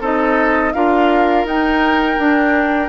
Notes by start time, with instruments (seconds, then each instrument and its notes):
0.00 bassoon C4, clarinet D#4, oboe A4, flute D#5
0.73 bassoon D4, clarinet F4, oboe A#4, flute F5
1.45 bassoon D#4, clarinet D#4, flute G5
2.18 bassoon D4, clarinet D4